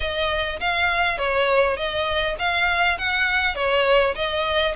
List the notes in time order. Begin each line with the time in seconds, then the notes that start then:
0.00 D#5
0.59 F5
1.17 C#5
1.76 D#5
2.38 F5
2.98 F#5
3.55 C#5
4.15 D#5